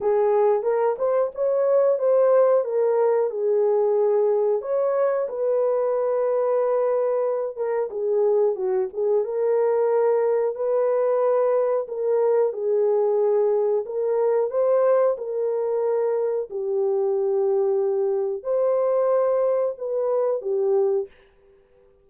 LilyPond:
\new Staff \with { instrumentName = "horn" } { \time 4/4 \tempo 4 = 91 gis'4 ais'8 c''8 cis''4 c''4 | ais'4 gis'2 cis''4 | b'2.~ b'8 ais'8 | gis'4 fis'8 gis'8 ais'2 |
b'2 ais'4 gis'4~ | gis'4 ais'4 c''4 ais'4~ | ais'4 g'2. | c''2 b'4 g'4 | }